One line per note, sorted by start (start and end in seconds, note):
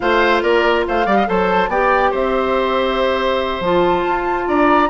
0.00 0.42 A3
0.00 1.06 F4
0.00 0.42 C5
0.00 0.42 F5
0.42 0.85 A#3
0.42 0.85 A#4
0.42 0.85 D5
0.87 1.06 A3
0.87 1.05 C5
0.87 1.28 F5
1.05 1.27 G3
1.05 1.26 G4
1.05 1.16 D5
1.16 1.26 D#5
1.26 1.68 F#3
1.26 1.69 A4
1.26 1.70 C5
1.26 1.70 A5
1.68 2.10 B3
1.68 3.63 G4
1.68 2.11 D5
1.68 2.13 G5
2.11 3.60 C4
2.11 4.45 C5
2.11 3.63 E5
3.60 4.03 F3
3.60 4.89 F4
3.60 4.48 A5
4.06 4.48 F4
4.48 4.89 D4
4.48 4.89 D5
4.48 4.89 A#5